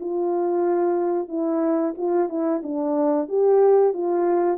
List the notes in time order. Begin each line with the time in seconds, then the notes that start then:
0.00 F4
1.28 E4
1.98 F4
2.29 E4
2.63 D4
3.28 G4
3.93 F4